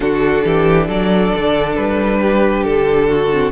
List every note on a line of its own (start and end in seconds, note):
0.00 0.41 D3
0.00 3.31 D4
0.00 0.44 F#4
0.00 0.88 A4
0.44 0.88 E3
0.44 0.86 G4
0.86 1.33 F#3
0.86 2.19 A4
0.86 1.75 D5
1.35 1.76 D3
1.75 2.65 G3
1.75 2.63 B4
2.21 3.08 G4
2.63 3.52 D3
2.63 3.51 A4
3.08 3.52 F#4
3.32 3.52 C4